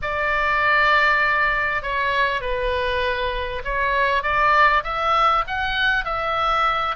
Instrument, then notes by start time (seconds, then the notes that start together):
oboe
0.02 D5
1.82 C#5
2.41 B4
3.64 C#5
4.22 D5
4.83 E5
5.47 F#5
6.04 E5